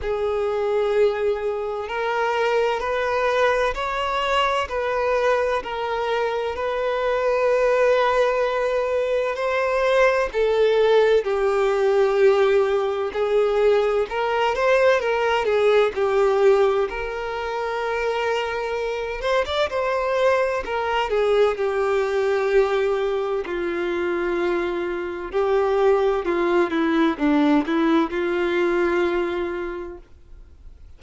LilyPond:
\new Staff \with { instrumentName = "violin" } { \time 4/4 \tempo 4 = 64 gis'2 ais'4 b'4 | cis''4 b'4 ais'4 b'4~ | b'2 c''4 a'4 | g'2 gis'4 ais'8 c''8 |
ais'8 gis'8 g'4 ais'2~ | ais'8 c''16 d''16 c''4 ais'8 gis'8 g'4~ | g'4 f'2 g'4 | f'8 e'8 d'8 e'8 f'2 | }